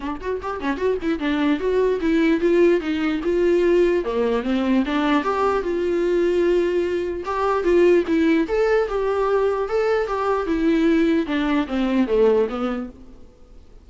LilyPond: \new Staff \with { instrumentName = "viola" } { \time 4/4 \tempo 4 = 149 d'8 fis'8 g'8 cis'8 fis'8 e'8 d'4 | fis'4 e'4 f'4 dis'4 | f'2 ais4 c'4 | d'4 g'4 f'2~ |
f'2 g'4 f'4 | e'4 a'4 g'2 | a'4 g'4 e'2 | d'4 c'4 a4 b4 | }